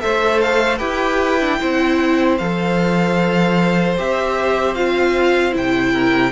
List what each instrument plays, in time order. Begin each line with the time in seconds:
0.00 cello A3, viola A4, violin C5 E5
0.40 violin F5
0.77 cello E4, viola G4, violin B4 G5
1.40 viola D4
1.59 cello C4, viola E4, violin C5
2.37 cello F3, viola A4, violin F5
3.97 cello C4, viola G4, violin E5
4.74 viola F4, violin F5
5.51 cello C3, viola E4, violin G5
5.92 violin A#4